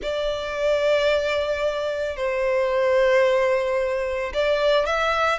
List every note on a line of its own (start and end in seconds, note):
0.02 2.16 D5
2.16 4.32 C5
4.33 4.86 D5
4.86 5.38 E5